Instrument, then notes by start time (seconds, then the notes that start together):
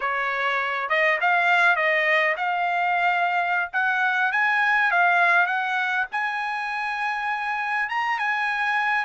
trumpet
0.00 C#5
0.89 D#5
1.20 F5
1.76 D#5
2.36 F5
3.72 F#5
4.32 G#5
4.91 F5
5.46 F#5
6.11 G#5
7.89 A#5
8.18 G#5